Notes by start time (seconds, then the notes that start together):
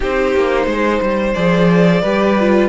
0.00 C4 D#4 G4 C5
0.35 A#3
0.66 G#3 C5
1.01 G3
1.34 F3 G#4 D5
2.01 G3 G4 B4
2.40 F4